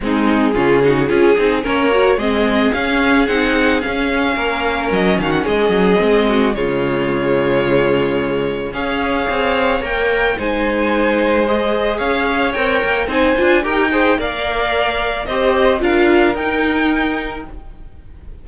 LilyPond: <<
  \new Staff \with { instrumentName = "violin" } { \time 4/4 \tempo 4 = 110 gis'2. cis''4 | dis''4 f''4 fis''4 f''4~ | f''4 dis''8 f''16 fis''16 dis''2 | cis''1 |
f''2 g''4 gis''4~ | gis''4 dis''4 f''4 g''4 | gis''4 g''4 f''2 | dis''4 f''4 g''2 | }
  \new Staff \with { instrumentName = "violin" } { \time 4/4 dis'4 f'8 fis'8 gis'4 ais'4 | gis'1 | ais'4. fis'8 gis'4. fis'8 | f'1 |
cis''2. c''4~ | c''2 cis''2 | c''4 ais'8 c''8 d''2 | c''4 ais'2. | }
  \new Staff \with { instrumentName = "viola" } { \time 4/4 c'4 cis'8 dis'8 f'8 dis'8 cis'8 fis'8 | c'4 cis'4 dis'4 cis'4~ | cis'2. c'4 | gis1 |
gis'2 ais'4 dis'4~ | dis'4 gis'2 ais'4 | dis'8 f'8 g'8 gis'8 ais'2 | g'4 f'4 dis'2 | }
  \new Staff \with { instrumentName = "cello" } { \time 4/4 gis4 cis4 cis'8 c'8 ais4 | gis4 cis'4 c'4 cis'4 | ais4 fis8 dis8 gis8 fis8 gis4 | cis1 |
cis'4 c'4 ais4 gis4~ | gis2 cis'4 c'8 ais8 | c'8 d'8 dis'4 ais2 | c'4 d'4 dis'2 | }
>>